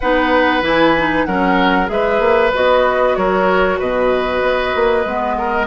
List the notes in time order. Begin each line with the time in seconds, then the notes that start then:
0.00 B3 D#4 B4 F#5
0.61 E3 E4 G#5
0.97 D#4
1.24 F#3 C#4 A#4 F#5
1.86 G#3 G#4 E5
1.92 B4
2.19 A#3
2.53 B3 F#4 D#5
3.15 F#3 A#4 C#5
3.79 B2 B4 D#5
4.42 B3
4.75 A#3
5.05 G#3 B3
5.37 A#4